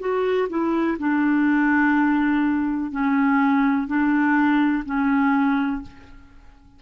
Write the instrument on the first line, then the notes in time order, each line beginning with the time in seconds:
clarinet
0.00 F#4
0.50 E4
0.99 D4
2.92 C#4
3.88 D4
4.86 C#4